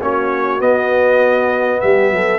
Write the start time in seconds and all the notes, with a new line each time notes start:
0.00 A#3 C#4 F#4 C#5
0.59 B3 D#5
1.80 G3 G4 E5
2.10 F#3 A4